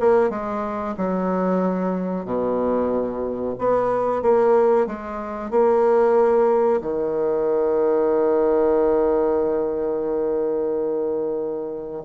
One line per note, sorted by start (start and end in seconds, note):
0.00 0.30 A#3
0.30 0.95 G#3
0.98 2.26 F#3
2.26 3.56 B2
3.59 4.23 B3
4.23 4.87 A#3
4.87 5.51 G#3
5.51 6.82 A#3
6.82 12.04 D#3